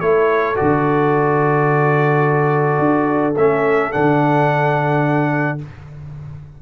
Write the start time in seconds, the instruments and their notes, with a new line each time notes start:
0.00 tuba A3, trombone E4, horn A4, trumpet C#5
0.56 tuba D3, trombone F#4, trumpet D5
2.79 tuba D4
3.36 tuba A3, trombone C#4, trumpet E5
3.92 tuba D3, trombone D4, trumpet F#5